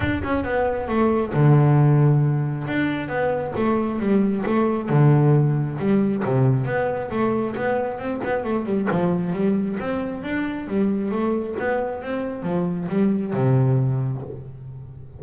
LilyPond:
\new Staff \with { instrumentName = "double bass" } { \time 4/4 \tempo 4 = 135 d'8 cis'8 b4 a4 d4~ | d2 d'4 b4 | a4 g4 a4 d4~ | d4 g4 c4 b4 |
a4 b4 c'8 b8 a8 g8 | f4 g4 c'4 d'4 | g4 a4 b4 c'4 | f4 g4 c2 | }